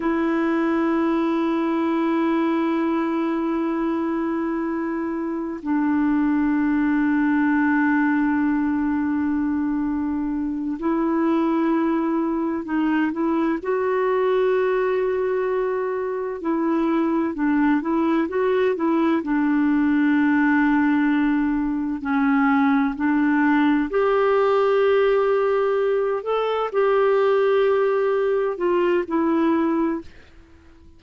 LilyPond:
\new Staff \with { instrumentName = "clarinet" } { \time 4/4 \tempo 4 = 64 e'1~ | e'2 d'2~ | d'2.~ d'8 e'8~ | e'4. dis'8 e'8 fis'4.~ |
fis'4. e'4 d'8 e'8 fis'8 | e'8 d'2. cis'8~ | cis'8 d'4 g'2~ g'8 | a'8 g'2 f'8 e'4 | }